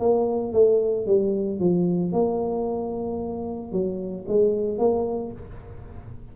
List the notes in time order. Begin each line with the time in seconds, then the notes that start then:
0.00 A#3
0.53 A3
1.07 G3
1.60 F3
2.13 A#3
3.72 F#3
4.29 G#3
4.79 A#3